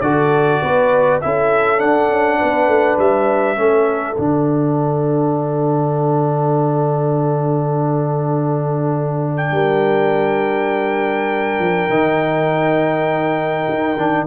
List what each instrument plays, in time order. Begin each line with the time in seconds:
0.00 tuba D3, trombone F#4, horn A4, trumpet D5
0.61 tuba B3, horn B4
1.21 tuba C#4, trombone E4, horn A4, trumpet E5
1.77 trombone D4, tuba D4, trumpet F#5
2.09 tuba C#4
2.38 tuba B3, horn B4
2.67 tuba A3
2.98 tuba G3, trumpet E5
3.55 tuba A3, trombone C#4, horn A4
4.17 tuba D3, trombone D4, trumpet F#5
9.36 trumpet G5
9.51 tuba G3, horn A#4
11.58 tuba F3
11.89 tuba D#3, trombone D#4
13.69 tuba D#4
13.96 tuba D#3, trombone D4